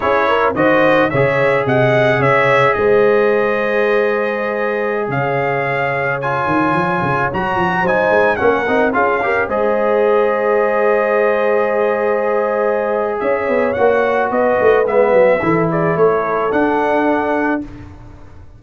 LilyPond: <<
  \new Staff \with { instrumentName = "trumpet" } { \time 4/4 \tempo 4 = 109 cis''4 dis''4 e''4 fis''4 | e''4 dis''2.~ | dis''4~ dis''16 f''2 gis''8.~ | gis''4~ gis''16 ais''4 gis''4 fis''8.~ |
fis''16 f''4 dis''2~ dis''8.~ | dis''1 | e''4 fis''4 dis''4 e''4~ | e''8 d''8 cis''4 fis''2 | }
  \new Staff \with { instrumentName = "horn" } { \time 4/4 gis'8 ais'8 c''4 cis''4 dis''4 | cis''4 c''2.~ | c''4~ c''16 cis''2~ cis''8.~ | cis''2~ cis''16 c''4 ais'8.~ |
ais'16 gis'8 ais'8 c''2~ c''8.~ | c''1 | cis''2 b'2 | a'8 gis'8 a'2. | }
  \new Staff \with { instrumentName = "trombone" } { \time 4/4 e'4 fis'4 gis'2~ | gis'1~ | gis'2.~ gis'16 f'8.~ | f'4~ f'16 fis'4 dis'4 cis'8 dis'16~ |
dis'16 f'8 g'8 gis'2~ gis'8.~ | gis'1~ | gis'4 fis'2 b4 | e'2 d'2 | }
  \new Staff \with { instrumentName = "tuba" } { \time 4/4 cis'4 dis4 cis4 c4 | cis4 gis2.~ | gis4~ gis16 cis2~ cis8 dis16~ | dis16 f8 cis8 fis8 f8 fis8 gis8 ais8 c'16~ |
c'16 cis'4 gis2~ gis8.~ | gis1 | cis'8 b8 ais4 b8 a8 gis8 fis8 | e4 a4 d'2 | }
>>